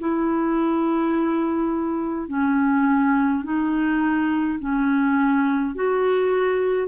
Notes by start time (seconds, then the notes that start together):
0.00 E4
2.29 C#4
3.44 D#4
4.60 C#4
5.75 F#4